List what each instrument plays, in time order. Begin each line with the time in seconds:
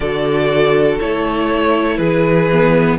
0.00 cello D3, viola F#4, violin A4 D5
0.99 cello A3, viola E4, violin C#5
1.97 cello E3, violin G#4 B4
2.51 viola B3